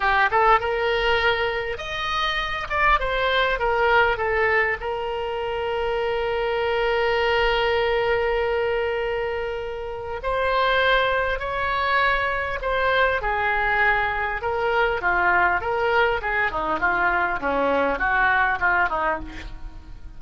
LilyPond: \new Staff \with { instrumentName = "oboe" } { \time 4/4 \tempo 4 = 100 g'8 a'8 ais'2 dis''4~ | dis''8 d''8 c''4 ais'4 a'4 | ais'1~ | ais'1~ |
ais'4 c''2 cis''4~ | cis''4 c''4 gis'2 | ais'4 f'4 ais'4 gis'8 dis'8 | f'4 cis'4 fis'4 f'8 dis'8 | }